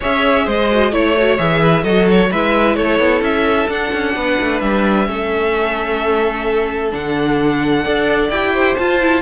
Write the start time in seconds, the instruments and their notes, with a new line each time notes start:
0.00 cello C#4, viola G#4, violin C#5 E5
0.45 cello G#3, violin C5 D#5
0.71 viola F#4
0.91 cello A3, viola E4, violin C#5
1.18 viola F#4
1.37 cello E3, viola G#4, violin E5
1.61 violin B4
1.82 cello F#3, viola F#4, violin A4 D#5
2.10 violin C#5
2.30 cello G#3, viola E4, violin B4 E5
2.75 cello A3, violin A4 C#5
2.99 cello B3
3.21 cello C#4, violin E5
3.68 cello D4, viola D4, violin F#5
3.92 cello C#4
4.15 cello B3, violin B4
4.40 cello A3
4.60 cello G3, violin E5
5.05 cello A3, viola C#4, violin A4
6.91 cello D3, viola D4, violin F#5
7.83 cello D4, viola A4, violin D5
8.29 cello E4, viola G4, violin G5
8.53 violin C5
8.74 cello F4, viola F4, violin A5
9.00 viola E4